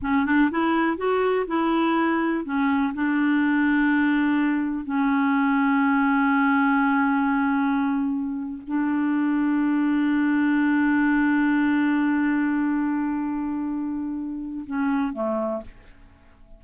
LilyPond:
\new Staff \with { instrumentName = "clarinet" } { \time 4/4 \tempo 4 = 123 cis'8 d'8 e'4 fis'4 e'4~ | e'4 cis'4 d'2~ | d'2 cis'2~ | cis'1~ |
cis'4.~ cis'16 d'2~ d'16~ | d'1~ | d'1~ | d'2 cis'4 a4 | }